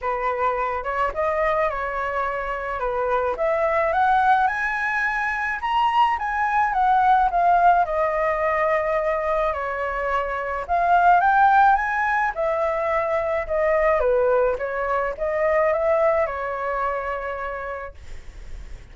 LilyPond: \new Staff \with { instrumentName = "flute" } { \time 4/4 \tempo 4 = 107 b'4. cis''8 dis''4 cis''4~ | cis''4 b'4 e''4 fis''4 | gis''2 ais''4 gis''4 | fis''4 f''4 dis''2~ |
dis''4 cis''2 f''4 | g''4 gis''4 e''2 | dis''4 b'4 cis''4 dis''4 | e''4 cis''2. | }